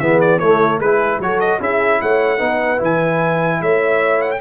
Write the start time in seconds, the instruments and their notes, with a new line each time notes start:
0.00 tuba E3, trombone B3, horn G#4, trumpet E5
0.21 trumpet D5
0.39 tuba A3, trombone A3, horn E4, trumpet C#5
0.79 tuba G#3, trombone E4, horn G#4, trumpet B4
1.20 tuba F#3, trombone F#4, horn A4, trumpet C#5
1.40 trumpet D#5
1.61 tuba C#4, trombone E4, horn G#4, trumpet E5
2.02 tuba A3, horn C#5, trumpet F#5
2.38 tuba B3, trombone D#4, horn B4
2.78 tuba E3, trombone E4
2.84 trumpet G#5
3.61 tuba A3, horn C#5, trumpet E5
4.22 trumpet F#5
4.31 trumpet G5